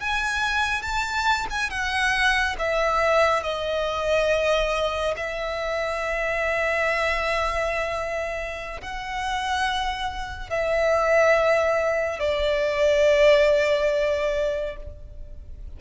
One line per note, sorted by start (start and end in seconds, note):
0.00 0.83 G#5
0.83 1.47 A5
1.50 1.70 G#5
1.70 2.56 F#5
2.59 3.43 E5
3.43 5.15 D#5
5.17 8.81 E5
8.82 10.50 F#5
10.50 12.20 E5
12.20 14.77 D5